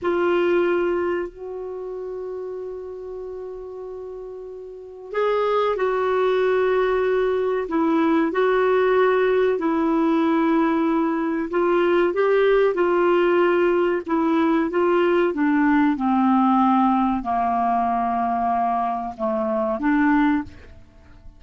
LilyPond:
\new Staff \with { instrumentName = "clarinet" } { \time 4/4 \tempo 4 = 94 f'2 fis'2~ | fis'1 | gis'4 fis'2. | e'4 fis'2 e'4~ |
e'2 f'4 g'4 | f'2 e'4 f'4 | d'4 c'2 ais4~ | ais2 a4 d'4 | }